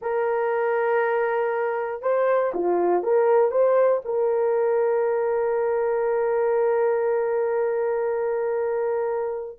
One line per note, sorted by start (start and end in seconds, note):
0.01 2.02 A#4
2.02 2.52 C5
2.53 3.03 F4
3.03 3.51 A#4
3.51 4.01 C5
4.04 9.59 A#4